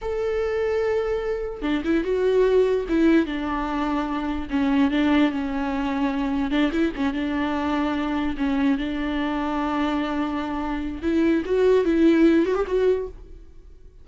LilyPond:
\new Staff \with { instrumentName = "viola" } { \time 4/4 \tempo 4 = 147 a'1 | d'8 e'8 fis'2 e'4 | d'2. cis'4 | d'4 cis'2. |
d'8 e'8 cis'8 d'2~ d'8~ | d'8 cis'4 d'2~ d'8~ | d'2. e'4 | fis'4 e'4. fis'16 g'16 fis'4 | }